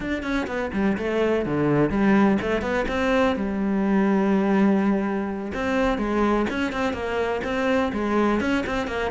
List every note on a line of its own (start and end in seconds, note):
0.00 0.22 D4
0.22 0.46 C#4
0.47 0.71 B3
0.73 0.97 G3
0.97 1.45 A3
1.45 1.90 D3
1.90 2.38 G3
2.41 2.61 A3
2.61 2.85 B3
2.88 3.36 C4
3.36 5.52 G3
5.54 5.98 C4
5.98 6.46 G#3
6.49 6.72 C#4
6.72 6.93 C4
6.93 7.41 A#3
7.44 7.92 C4
7.92 8.40 G#3
8.40 8.64 C#4
8.66 8.87 C4
8.87 9.11 A#3